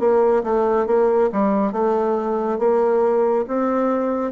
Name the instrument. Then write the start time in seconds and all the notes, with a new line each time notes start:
bassoon
0.00 A#3
0.44 A3
0.87 A#3
1.33 G3
1.73 A3
2.59 A#3
3.48 C4